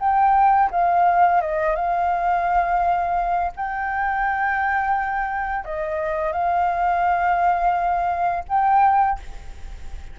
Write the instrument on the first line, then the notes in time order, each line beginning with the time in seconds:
flute
0.00 G5
0.71 F5
1.41 D#5
1.76 F5
3.56 G5
5.65 D#5
6.33 F5
8.49 G5